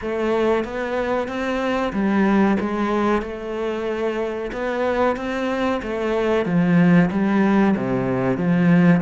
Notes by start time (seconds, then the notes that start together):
0.01 A3
0.64 B3
1.28 C4
1.92 G3
2.60 G#3
3.22 A3
4.52 B3
5.16 C4
5.82 A3
6.45 F3
7.10 G3
7.76 C3
8.37 F3